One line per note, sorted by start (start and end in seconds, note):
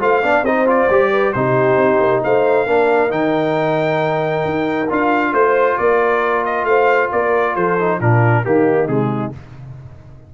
0.00 0.23 A3
0.00 0.22 F4
0.00 0.22 C5
0.00 0.45 F5
0.23 0.42 B3
0.23 0.45 D4
0.23 0.44 D5
0.42 0.87 C4
0.42 0.67 D#4
0.42 1.10 C5
0.42 0.67 D#5
0.67 0.89 F4
0.67 1.32 D5
0.90 1.34 G3
0.90 1.35 G4
1.11 1.33 B4
1.32 1.77 C3
1.32 2.67 D#4
1.32 2.24 G4
1.32 2.21 C5
1.77 1.99 C4
2.00 2.23 A#3
2.24 2.67 A3
2.24 2.66 C5
2.24 3.11 F5
2.66 3.11 A#3
2.66 3.09 D4
2.66 5.33 A#4
3.09 4.44 D#3
3.09 4.87 D#4
3.09 4.89 G5
4.45 4.89 D#4
4.90 5.32 D4
4.90 7.79 F4
4.90 5.34 F5
5.32 5.77 A3
5.32 5.77 C5
5.32 5.78 C5
5.78 6.64 A#3
5.78 6.67 A#4
5.78 6.45 D5
6.45 6.65 D#5
6.64 7.09 A3
6.64 7.11 C5
6.64 7.09 F5
7.12 7.56 A#3
7.12 7.56 A#4
7.12 7.56 D5
7.56 8.00 F3
7.56 7.98 A4
7.56 8.00 C5
7.79 8.01 D#4
7.98 8.45 A#2
7.98 8.44 D4
7.98 8.43 F4
7.98 8.45 A#4
8.44 8.87 D#3
8.44 8.88 A#3
8.44 9.34 D#4
8.44 8.87 G4
8.87 9.32 C3
8.87 9.33 G#3
8.87 9.32 G#4